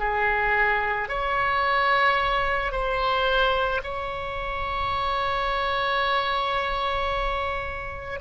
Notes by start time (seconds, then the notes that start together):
0.00 G#4
1.09 C#5
2.72 C5
3.84 C#5